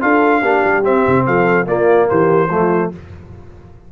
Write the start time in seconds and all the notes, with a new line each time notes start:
0.00 D4 F4 A4 F5
0.41 A#3 D4 G4
0.64 G3
0.83 C4 E5
1.07 C3
1.26 F3 A4 F5
1.66 A#3 F4 D5
2.09 E3 G4 C5
2.49 F3 A3 F4